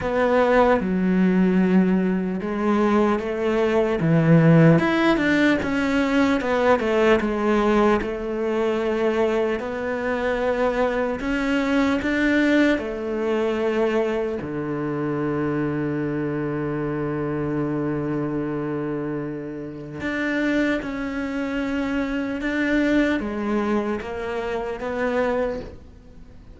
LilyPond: \new Staff \with { instrumentName = "cello" } { \time 4/4 \tempo 4 = 75 b4 fis2 gis4 | a4 e4 e'8 d'8 cis'4 | b8 a8 gis4 a2 | b2 cis'4 d'4 |
a2 d2~ | d1~ | d4 d'4 cis'2 | d'4 gis4 ais4 b4 | }